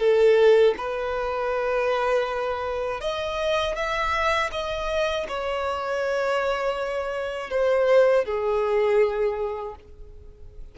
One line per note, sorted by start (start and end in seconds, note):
0.00 0.75 A4
0.78 3.01 B4
3.01 3.76 D#5
3.76 4.51 E5
4.52 5.27 D#5
5.28 7.51 C#5
7.51 8.25 C5
8.25 9.75 G#4